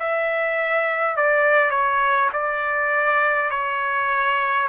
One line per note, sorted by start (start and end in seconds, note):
0.00 1.17 E5
1.17 1.71 D5
1.71 2.29 C#5
2.33 3.50 D5
3.50 4.68 C#5